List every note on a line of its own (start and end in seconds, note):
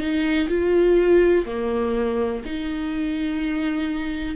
0.00 0.48 D#4
0.48 1.45 F4
1.46 2.42 A#3
2.45 4.36 D#4